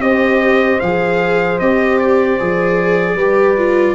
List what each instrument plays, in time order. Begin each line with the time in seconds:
0.00 tuba C4, viola G4, horn C5, trumpet D#5
0.80 tuba F3, viola G#4, trumpet F5
1.59 tuba C4, viola G4, trumpet D#5
1.99 trumpet D5
2.40 tuba F3, viola G#4
3.15 tuba G3, viola G4, horn B4
3.58 viola F4